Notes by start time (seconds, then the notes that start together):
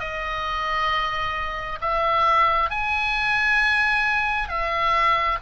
0.00 D#5
1.81 E5
2.70 G#5
4.49 E5